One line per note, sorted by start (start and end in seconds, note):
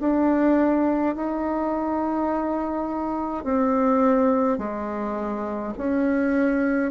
0.00 1.15 D4
1.15 3.44 D#4
3.44 4.58 C4
4.58 5.73 G#3
5.77 6.91 C#4